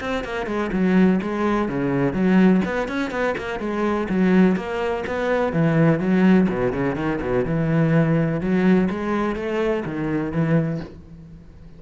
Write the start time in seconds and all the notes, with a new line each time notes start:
0.00 C4
0.24 A#3
0.46 G#3
0.72 F#3
1.22 G#3
1.68 C#3
2.13 F#3
2.65 B3
2.88 C#4
3.10 B3
3.37 A#3
3.59 G#3
4.09 F#3
4.56 A#3
5.06 B3
5.52 E3
5.99 F#3
6.48 B2
6.72 C#3
6.95 D#3
7.21 B2
7.45 E3
8.40 F#3
8.90 G#3
9.35 A3
9.85 D#3
10.32 E3